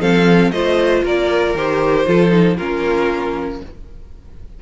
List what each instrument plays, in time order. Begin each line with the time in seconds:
0.00 cello F3, viola C4, violin A4 F5
0.51 cello A3, viola F4, violin C5 D#5
1.03 cello A#3, violin A#4 D5
1.54 cello D#3, viola G4, violin C5
2.06 cello F3, viola F4, violin A4
2.29 viola D#4
2.57 cello A#3, viola C#4, violin F4 A#4